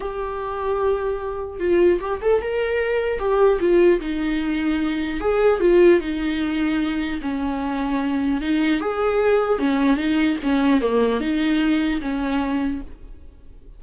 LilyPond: \new Staff \with { instrumentName = "viola" } { \time 4/4 \tempo 4 = 150 g'1 | f'4 g'8 a'8 ais'2 | g'4 f'4 dis'2~ | dis'4 gis'4 f'4 dis'4~ |
dis'2 cis'2~ | cis'4 dis'4 gis'2 | cis'4 dis'4 cis'4 ais4 | dis'2 cis'2 | }